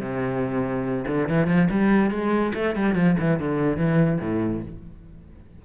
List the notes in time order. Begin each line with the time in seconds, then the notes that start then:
0.00 C3
1.07 D3
1.28 E3
1.47 F3
1.71 G3
2.10 G#3
2.54 A3
2.75 G3
2.95 F3
3.19 E3
3.39 D3
3.77 E3
4.20 A2